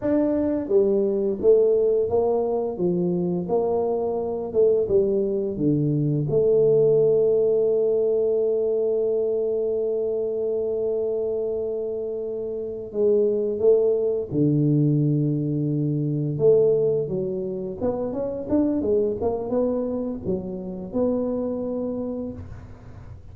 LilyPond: \new Staff \with { instrumentName = "tuba" } { \time 4/4 \tempo 4 = 86 d'4 g4 a4 ais4 | f4 ais4. a8 g4 | d4 a2.~ | a1~ |
a2~ a8 gis4 a8~ | a8 d2. a8~ | a8 fis4 b8 cis'8 d'8 gis8 ais8 | b4 fis4 b2 | }